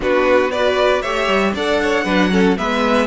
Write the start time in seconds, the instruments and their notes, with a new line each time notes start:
0.00 cello B3, viola D4, violin F#4 B4
0.51 viola F#4, violin B4 D5
1.01 cello A3, viola G4, violin C#5 E5
1.28 cello G3
1.54 cello D4, viola A4, violin D5 F#5
1.81 violin C#5
2.04 cello F#3, viola D4, violin B4
2.30 viola C#4, violin A4
2.56 cello G#3, viola B3, violin B4 E5